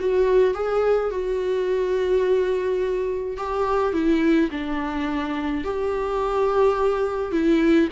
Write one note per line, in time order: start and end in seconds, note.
0.00 0.54 F#4
0.54 1.11 G#4
1.11 3.37 F#4
3.37 3.93 G4
3.93 4.50 E4
4.51 5.64 D4
5.64 7.32 G4
7.32 7.89 E4